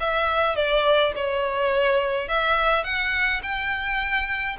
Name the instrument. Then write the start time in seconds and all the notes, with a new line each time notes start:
violin
0.00 E5
0.56 D5
1.16 C#5
2.28 E5
2.84 F#5
3.43 G5